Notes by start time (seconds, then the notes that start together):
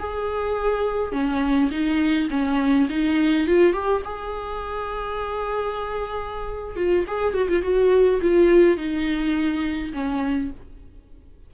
0.00 G#4
1.13 C#4
1.72 D#4
2.31 C#4
2.90 D#4
3.48 F4
3.73 G4
4.05 G#4
6.77 F4
7.08 G#4
7.35 F#4
7.49 F4
7.63 F#4
8.22 F4
8.77 D#4
9.94 C#4